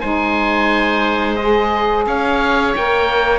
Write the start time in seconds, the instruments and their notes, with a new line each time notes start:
0.00 cello G#3, saxophone D#4, oboe C5 G#5
1.36 oboe D#5
1.42 saxophone G#4
2.06 cello C#4, oboe C#5 F5
2.76 cello A#3, saxophone A#4, oboe G5